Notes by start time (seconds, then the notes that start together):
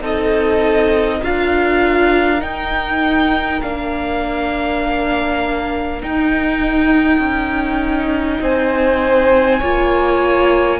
0.00 C4 D#4 A4 D#5
1.17 A#4
1.23 D4 F4 F5
2.38 D#4 G5
3.62 A#3 D4 F5
6.02 D#4 G5
7.19 C#4
8.40 C4 C5 G#5
9.59 A#3 F4 C#5